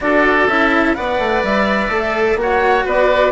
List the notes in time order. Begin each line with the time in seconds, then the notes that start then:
0.01 D4 F#4 A4 D5
0.47 C#4 E4 E5
0.94 B3 B4 D5 F#5
1.19 A3
1.43 G3 E5
1.89 A3 A4
2.35 A#3 F#4 F#5
2.41 C#5
2.85 B3 B4 D5